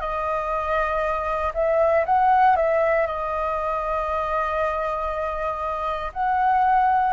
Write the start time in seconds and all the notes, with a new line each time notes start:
0.00 D#5
1.54 E5
2.06 F#5
2.56 E5
3.06 D#5
6.13 F#5